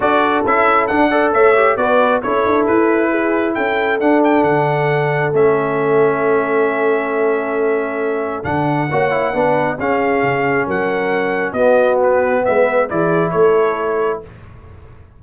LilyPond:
<<
  \new Staff \with { instrumentName = "trumpet" } { \time 4/4 \tempo 4 = 135 d''4 e''4 fis''4 e''4 | d''4 cis''4 b'2 | g''4 fis''8 g''8 fis''2 | e''1~ |
e''2. fis''4~ | fis''2 f''2 | fis''2 dis''4 b'4 | e''4 d''4 cis''2 | }
  \new Staff \with { instrumentName = "horn" } { \time 4/4 a'2~ a'8 d''8 cis''4 | b'4 a'2 gis'4 | a'1~ | a'1~ |
a'1 | cis''4 b'4 gis'2 | ais'2 fis'2 | b'4 gis'4 a'2 | }
  \new Staff \with { instrumentName = "trombone" } { \time 4/4 fis'4 e'4 d'8 a'4 g'8 | fis'4 e'2.~ | e'4 d'2. | cis'1~ |
cis'2. d'4 | fis'8 e'8 d'4 cis'2~ | cis'2 b2~ | b4 e'2. | }
  \new Staff \with { instrumentName = "tuba" } { \time 4/4 d'4 cis'4 d'4 a4 | b4 cis'8 d'8 e'2 | cis'4 d'4 d2 | a1~ |
a2. d4 | ais4 b4 cis'4 cis4 | fis2 b2 | gis4 e4 a2 | }
>>